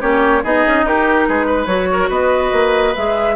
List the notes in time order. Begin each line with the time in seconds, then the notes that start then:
0.00 A#3 C#4 G4 C#5
0.43 B3 D#4 G#4 D#5
0.67 C#4
0.84 D#4 G4 A#4
1.28 G#3 G#4 B4
1.46 B4
1.66 F#3 F#4 C#5
1.92 A#4
2.09 B3 B4 D#5
2.53 A#3
2.96 G#3 G#4 E5